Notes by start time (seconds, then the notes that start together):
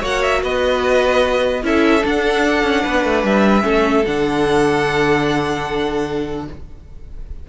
0.00 A#3 F#4 C#5 F#5
0.22 E5
0.42 B3 B4 D#5
1.63 C#4 E4 A4 E5
2.01 D4 F#5
2.63 C#4
2.82 B3 B4
3.04 A3
3.23 G3 E5
3.62 A3 C#4 A4
4.05 D3 D4 F#5